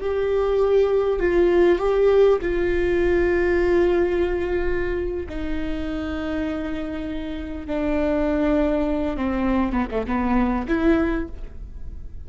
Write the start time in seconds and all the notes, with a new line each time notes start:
0.00 G4
1.19 F4
1.78 G4
2.41 F4
5.29 D#4
7.66 D4
9.17 C4
9.72 B3
9.91 A3
10.06 B3
10.68 E4